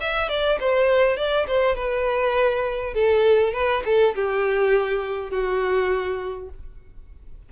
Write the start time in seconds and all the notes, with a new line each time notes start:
0.00 E5
0.28 D5
0.60 C5
1.16 D5
1.47 C5
1.75 B4
2.94 A4
3.53 B4
3.85 A4
4.15 G4
5.30 F#4